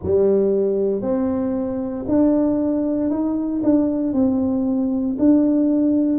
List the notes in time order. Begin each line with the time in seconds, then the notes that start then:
0.03 G3
1.01 C4
2.07 D4
3.10 D#4
3.63 D4
4.13 C4
5.19 D4